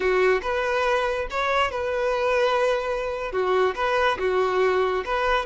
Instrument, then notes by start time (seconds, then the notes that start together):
violin
0.00 F#4
0.42 B4
1.30 C#5
1.71 B4
3.32 F#4
3.75 B4
4.18 F#4
5.05 B4